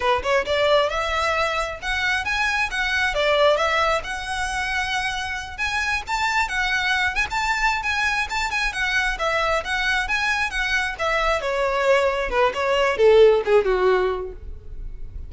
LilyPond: \new Staff \with { instrumentName = "violin" } { \time 4/4 \tempo 4 = 134 b'8 cis''8 d''4 e''2 | fis''4 gis''4 fis''4 d''4 | e''4 fis''2.~ | fis''8 gis''4 a''4 fis''4. |
gis''16 a''4~ a''16 gis''4 a''8 gis''8 fis''8~ | fis''8 e''4 fis''4 gis''4 fis''8~ | fis''8 e''4 cis''2 b'8 | cis''4 a'4 gis'8 fis'4. | }